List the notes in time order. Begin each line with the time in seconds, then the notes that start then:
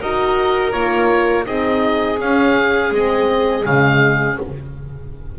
0.00 D#4 F#4 A#4 D#5
0.72 A#3 F4 C#5
1.45 C4 D#4 G#4 D#5
2.19 C#4 F5
2.92 G#3 C4 D#5
3.64 C#3 G#3 F5